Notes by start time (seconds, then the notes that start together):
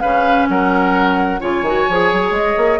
0.00 C#3 C#4 B4 F5
0.49 F#3 A#4 F#5
1.41 C#3 F4 C#5 G#5
1.62 D#3 F#4
1.89 F3 G#4
2.12 F#3
2.31 G#3 D#5
2.57 A#3